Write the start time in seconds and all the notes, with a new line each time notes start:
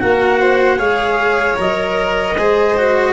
0.00 A#3 F#4 A#4 F#5
0.40 C5
0.78 G#3 G#4 C#5 F5
1.57 F#3 A#4 D#5
2.38 G#3 G#4 C5
2.78 F#4